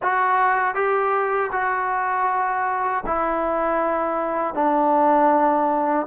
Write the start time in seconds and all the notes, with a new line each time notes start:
0.02 F#4
0.74 G4
1.52 F#4
3.06 E4
4.54 D4